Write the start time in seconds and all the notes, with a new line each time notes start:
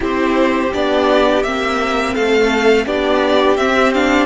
0.00 C4 E4 G4 C5
0.72 B3 D4 D5
1.42 A#3 C4 E5
2.14 A3 A4 F5
2.86 B3 D4 G4 D5
3.56 C4 E5
3.93 D4 F5